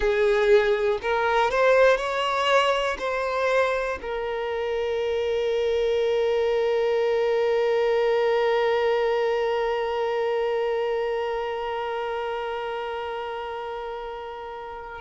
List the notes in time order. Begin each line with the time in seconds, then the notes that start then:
0.00 G#4
1.02 A#4
1.50 C5
1.97 C#5
2.99 C5
4.01 A#4